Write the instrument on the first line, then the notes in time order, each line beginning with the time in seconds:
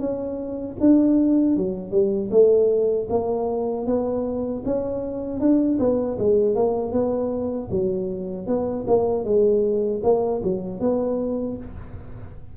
tuba
0.00 C#4
0.80 D4
1.57 F#3
1.92 G3
2.31 A3
3.10 A#3
3.87 B3
4.66 C#4
5.40 D4
5.79 B3
6.19 G#3
6.56 A#3
6.92 B3
7.71 F#3
8.47 B3
8.87 A#3
9.25 G#3
10.03 A#3
10.43 F#3
10.80 B3